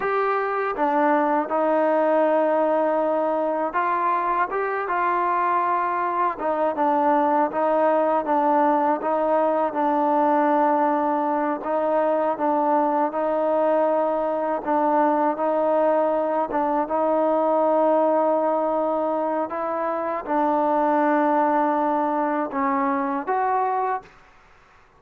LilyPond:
\new Staff \with { instrumentName = "trombone" } { \time 4/4 \tempo 4 = 80 g'4 d'4 dis'2~ | dis'4 f'4 g'8 f'4.~ | f'8 dis'8 d'4 dis'4 d'4 | dis'4 d'2~ d'8 dis'8~ |
dis'8 d'4 dis'2 d'8~ | d'8 dis'4. d'8 dis'4.~ | dis'2 e'4 d'4~ | d'2 cis'4 fis'4 | }